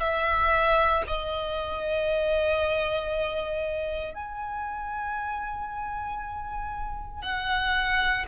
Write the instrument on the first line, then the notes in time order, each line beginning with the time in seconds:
violin
0.00 E5
1.07 D#5
4.15 G#5
7.22 F#5